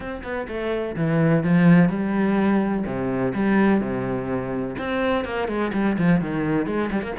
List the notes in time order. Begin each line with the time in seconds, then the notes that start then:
0.00 C4
0.23 B3
0.48 A3
0.95 E3
1.43 F3
1.89 G3
2.85 C3
3.34 G3
3.81 C3
4.78 C4
5.24 A#3
5.48 G#3
5.73 G3
5.97 F3
6.20 D#3
6.66 G#3
6.91 G3
7.02 A#3